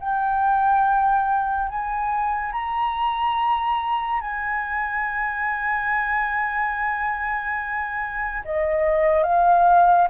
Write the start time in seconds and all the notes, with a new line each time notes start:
0.00 G5
1.69 G#5
2.53 A#5
4.21 G#5
8.45 D#5
9.24 F5